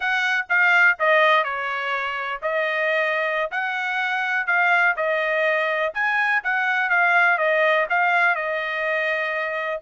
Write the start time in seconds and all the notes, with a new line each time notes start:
0.00 F#5
0.49 F5
0.99 D#5
1.43 C#5
2.41 D#5
3.51 F#5
4.46 F5
4.96 D#5
5.93 G#5
6.43 F#5
6.89 F5
7.37 D#5
7.89 F5
8.35 D#5